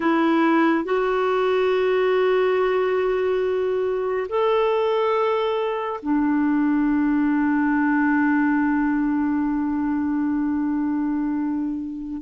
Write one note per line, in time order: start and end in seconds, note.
0.00 0.84 E4
0.84 4.27 F#4
4.29 6.00 A4
6.02 12.21 D4